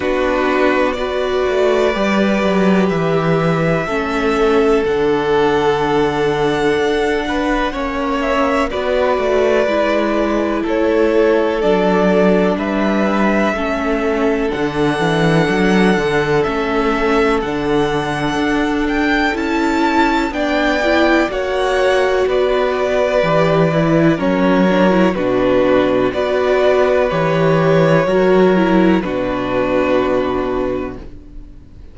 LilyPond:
<<
  \new Staff \with { instrumentName = "violin" } { \time 4/4 \tempo 4 = 62 b'4 d''2 e''4~ | e''4 fis''2.~ | fis''8 e''8 d''2 cis''4 | d''4 e''2 fis''4~ |
fis''4 e''4 fis''4. g''8 | a''4 g''4 fis''4 d''4~ | d''4 cis''4 b'4 d''4 | cis''2 b'2 | }
  \new Staff \with { instrumentName = "violin" } { \time 4/4 fis'4 b'2. | a'2.~ a'8 b'8 | cis''4 b'2 a'4~ | a'4 b'4 a'2~ |
a'1~ | a'4 d''4 cis''4 b'4~ | b'4 ais'4 fis'4 b'4~ | b'4 ais'4 fis'2 | }
  \new Staff \with { instrumentName = "viola" } { \time 4/4 d'4 fis'4 g'2 | cis'4 d'2. | cis'4 fis'4 e'2 | d'2 cis'4 d'4~ |
d'4 cis'4 d'2 | e'4 d'8 e'8 fis'2 | g'8 e'8 cis'8 d'16 e'16 d'4 fis'4 | g'4 fis'8 e'8 d'2 | }
  \new Staff \with { instrumentName = "cello" } { \time 4/4 b4. a8 g8 fis8 e4 | a4 d2 d'4 | ais4 b8 a8 gis4 a4 | fis4 g4 a4 d8 e8 |
fis8 d8 a4 d4 d'4 | cis'4 b4 ais4 b4 | e4 fis4 b,4 b4 | e4 fis4 b,2 | }
>>